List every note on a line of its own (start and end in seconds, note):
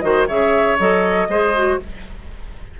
0.00 0.28 D#3
0.00 0.28 F#4
0.00 0.28 C5
0.00 0.25 D#5
0.28 0.79 C#3
0.28 0.79 G#4
0.28 1.28 C#5
0.28 0.78 E5
0.79 1.28 F#3
0.79 1.29 A4
0.79 1.79 D#5
1.28 1.78 G#3
1.28 1.55 G#4
1.28 1.79 C5
1.55 1.80 F#4